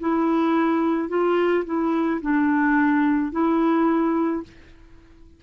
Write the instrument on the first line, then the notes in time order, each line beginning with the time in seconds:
clarinet
0.00 E4
1.09 F4
1.65 E4
2.21 D4
3.32 E4